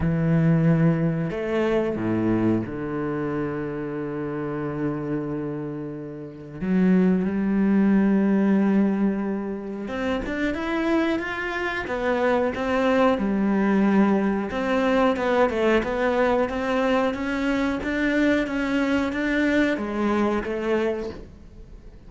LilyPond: \new Staff \with { instrumentName = "cello" } { \time 4/4 \tempo 4 = 91 e2 a4 a,4 | d1~ | d2 fis4 g4~ | g2. c'8 d'8 |
e'4 f'4 b4 c'4 | g2 c'4 b8 a8 | b4 c'4 cis'4 d'4 | cis'4 d'4 gis4 a4 | }